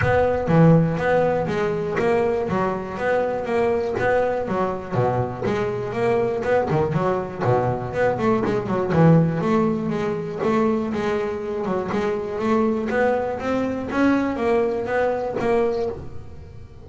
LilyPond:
\new Staff \with { instrumentName = "double bass" } { \time 4/4 \tempo 4 = 121 b4 e4 b4 gis4 | ais4 fis4 b4 ais4 | b4 fis4 b,4 gis4 | ais4 b8 dis8 fis4 b,4 |
b8 a8 gis8 fis8 e4 a4 | gis4 a4 gis4. fis8 | gis4 a4 b4 c'4 | cis'4 ais4 b4 ais4 | }